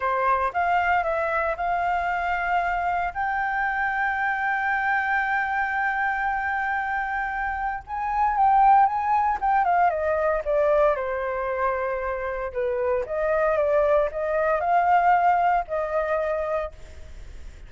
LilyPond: \new Staff \with { instrumentName = "flute" } { \time 4/4 \tempo 4 = 115 c''4 f''4 e''4 f''4~ | f''2 g''2~ | g''1~ | g''2. gis''4 |
g''4 gis''4 g''8 f''8 dis''4 | d''4 c''2. | b'4 dis''4 d''4 dis''4 | f''2 dis''2 | }